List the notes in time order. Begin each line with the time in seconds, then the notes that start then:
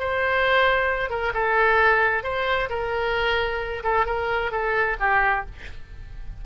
0.00 C5
1.10 A#4
1.34 A4
2.24 C5
2.70 A#4
3.84 A4
4.06 A#4
4.52 A4
5.00 G4